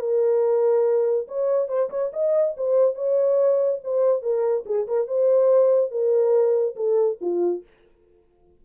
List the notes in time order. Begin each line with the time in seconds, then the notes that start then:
0.00 A#4
1.28 C#5
1.68 C5
1.90 C#5
2.13 D#5
2.57 C5
2.95 C#5
3.84 C5
4.22 A#4
4.66 G#4
4.87 A#4
5.07 C5
5.91 A#4
6.76 A4
7.21 F4